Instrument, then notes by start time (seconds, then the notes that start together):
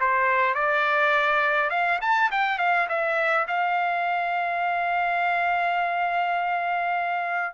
trumpet
0.00 C5
0.54 D5
1.70 F5
2.01 A5
2.31 G5
2.58 F5
2.89 E5
3.48 F5